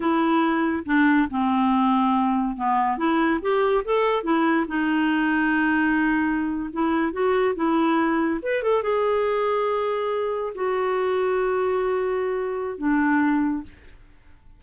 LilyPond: \new Staff \with { instrumentName = "clarinet" } { \time 4/4 \tempo 4 = 141 e'2 d'4 c'4~ | c'2 b4 e'4 | g'4 a'4 e'4 dis'4~ | dis'2.~ dis'8. e'16~ |
e'8. fis'4 e'2 b'16~ | b'16 a'8 gis'2.~ gis'16~ | gis'8. fis'2.~ fis'16~ | fis'2 d'2 | }